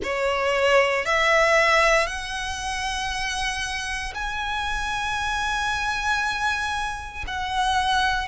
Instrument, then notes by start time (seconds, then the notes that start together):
violin
0.03 C#5
1.05 E5
2.06 F#5
4.14 G#5
7.27 F#5